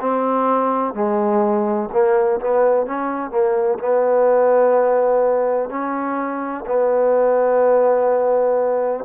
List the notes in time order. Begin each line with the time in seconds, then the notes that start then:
0.00 C4
0.94 G#3
1.92 A#3
2.40 B3
2.86 C#4
3.30 A#3
3.79 B3
5.69 C#4
6.66 B3